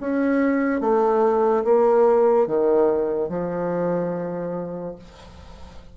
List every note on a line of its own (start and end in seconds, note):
0.00 0.80 C#4
0.80 1.64 A3
1.64 2.47 A#3
2.47 3.29 D#3
3.29 4.95 F3